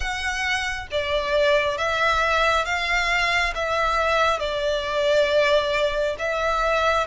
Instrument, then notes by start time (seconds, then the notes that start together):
violin
0.00 F#5
0.91 D5
1.77 E5
2.65 F5
3.54 E5
4.39 D5
6.18 E5